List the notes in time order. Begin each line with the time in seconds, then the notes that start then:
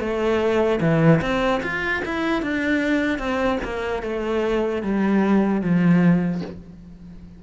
0.00 A3
0.81 E3
1.21 C4
1.63 F4
2.05 E4
2.42 D4
3.19 C4
3.64 A#3
4.03 A3
4.83 G3
5.61 F3